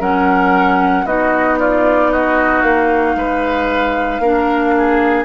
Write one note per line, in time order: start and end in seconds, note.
0.00 1.05 F#3
0.00 1.05 C#4
0.00 1.05 A#4
0.00 1.06 F#5
1.05 2.62 B3
1.05 4.22 D#4
1.05 1.59 F#4
1.05 1.59 D#5
1.59 2.11 F4
1.59 2.12 D5
2.11 3.17 F#4
2.11 2.62 D#5
2.62 3.15 A#3
2.62 5.25 F5
3.16 4.20 G#3
3.16 4.22 B4
4.20 5.25 A#3
4.20 5.25 D4
4.20 4.75 A#4
4.77 5.25 G#4